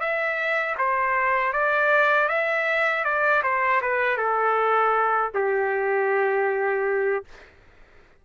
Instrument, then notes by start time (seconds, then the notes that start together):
trumpet
0.00 E5
0.78 C5
1.53 D5
2.29 E5
3.04 D5
3.43 C5
3.82 B4
4.17 A4
5.35 G4